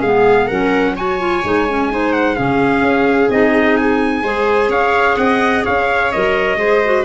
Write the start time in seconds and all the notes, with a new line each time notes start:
0.00 G#3 B3 G#4 F5
0.47 F#3 C#4 A#4 F#5
0.96 F#4 C#5 G#5
1.19 F4
1.44 G#3 D#4
1.69 C#4
1.91 D#4 C5
2.13 F#5
2.36 C#3 C#4 G#4 F5
2.82 C#4
3.30 C4 D#4 D#5
3.77 G#5
4.23 G#3 G#4 C5
4.69 C#4 C#5 F5
5.17 C4 D#5 F#5
5.64 C#4 C#5 F5
6.12 F#3 A#4 D#5
6.56 G#3 G#4 C5
6.84 F#4